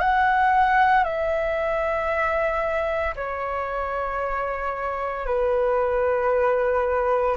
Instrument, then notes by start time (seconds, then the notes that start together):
flute
0.00 F#5
1.04 E5
3.16 C#5
5.26 B4